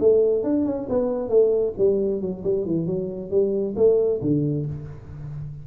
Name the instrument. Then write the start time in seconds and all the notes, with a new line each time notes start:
tuba
0.00 A3
0.44 D4
0.66 C#4
0.89 B3
1.29 A3
1.78 G3
2.21 F#3
2.44 G3
2.65 E3
2.86 F#3
3.31 G3
3.77 A3
4.22 D3